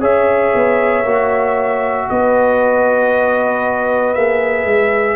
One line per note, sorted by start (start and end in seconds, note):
0.00 0.53 C#4
0.00 1.04 G#4
0.00 2.07 C#5
0.00 2.09 E5
0.54 1.04 B3
1.04 2.07 A#3
1.04 4.15 F#4
2.09 4.15 B3
2.09 5.16 B4
2.09 4.14 D#5
4.14 4.64 A#3
4.14 5.16 G#4
4.14 5.16 E5
4.64 5.16 G#3